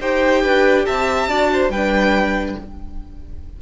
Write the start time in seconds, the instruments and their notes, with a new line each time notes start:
0.00 cello D#4, viola G4, violin C5 G5
0.43 cello D4, violin B4
0.85 cello C4, violin E5 A5
1.27 cello D4, viola F#4, violin D5
1.53 violin C5
1.69 cello G3, violin B4 G5
1.76 viola D4